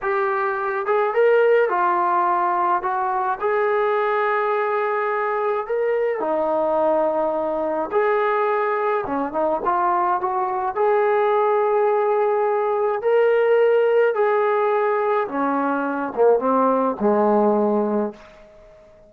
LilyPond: \new Staff \with { instrumentName = "trombone" } { \time 4/4 \tempo 4 = 106 g'4. gis'8 ais'4 f'4~ | f'4 fis'4 gis'2~ | gis'2 ais'4 dis'4~ | dis'2 gis'2 |
cis'8 dis'8 f'4 fis'4 gis'4~ | gis'2. ais'4~ | ais'4 gis'2 cis'4~ | cis'8 ais8 c'4 gis2 | }